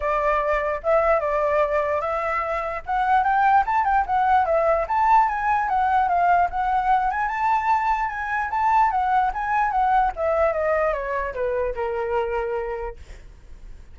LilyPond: \new Staff \with { instrumentName = "flute" } { \time 4/4 \tempo 4 = 148 d''2 e''4 d''4~ | d''4 e''2 fis''4 | g''4 a''8 g''8 fis''4 e''4 | a''4 gis''4 fis''4 f''4 |
fis''4. gis''8 a''2 | gis''4 a''4 fis''4 gis''4 | fis''4 e''4 dis''4 cis''4 | b'4 ais'2. | }